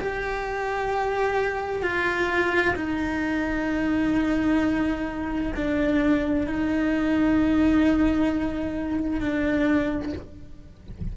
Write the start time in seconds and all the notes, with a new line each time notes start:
0.00 G4
1.83 F4
2.76 D#4
5.56 D4
6.47 D#4
9.21 D4